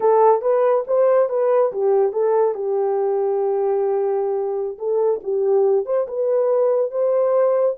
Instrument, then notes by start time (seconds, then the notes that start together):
horn
0.00 A4
0.41 B4
0.87 C5
1.29 B4
1.72 G4
2.12 A4
2.54 G4
4.78 A4
5.23 G4
5.85 C5
6.07 B4
6.91 C5